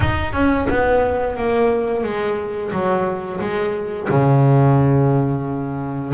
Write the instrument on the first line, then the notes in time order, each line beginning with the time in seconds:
double bass
0.00 D#4
0.32 C#4
0.69 B3
1.36 A#3
2.03 G#3
2.71 F#3
3.40 G#3
4.09 C#3